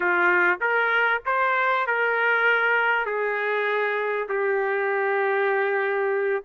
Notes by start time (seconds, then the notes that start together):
0.00 F4
0.60 A#4
1.25 C5
1.86 A#4
3.05 G#4
4.29 G4